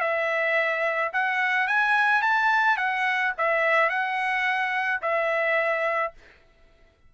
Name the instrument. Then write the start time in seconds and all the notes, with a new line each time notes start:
trumpet
0.00 E5
1.13 F#5
1.67 G#5
2.21 A5
2.77 F#5
3.38 E5
3.89 F#5
5.02 E5